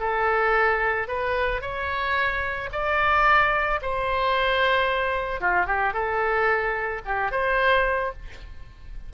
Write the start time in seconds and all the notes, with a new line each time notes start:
0.00 A4
1.08 B4
1.61 C#5
2.72 D5
3.82 C5
5.41 F4
5.66 G4
5.93 A4
7.05 G4
7.31 C5